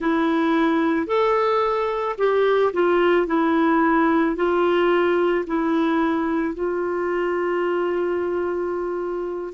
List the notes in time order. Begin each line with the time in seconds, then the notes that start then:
0.00 E4
1.07 A4
2.18 G4
2.73 F4
3.26 E4
4.35 F4
5.46 E4
6.54 F4